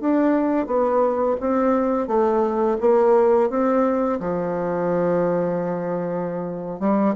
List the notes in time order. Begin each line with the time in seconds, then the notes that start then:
0.00 D4
0.66 B3
1.40 C4
2.07 A3
2.80 A#3
3.49 C4
4.20 F3
6.80 G3